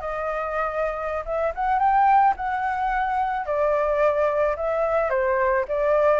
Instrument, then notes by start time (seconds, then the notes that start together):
flute
0.00 D#5
1.25 E5
1.55 F#5
1.79 G5
2.36 F#5
3.45 D5
4.56 E5
5.09 C5
5.67 D5